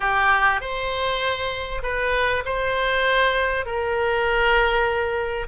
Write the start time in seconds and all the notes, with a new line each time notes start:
0.00 G4
0.61 C5
1.83 B4
2.45 C5
3.65 A#4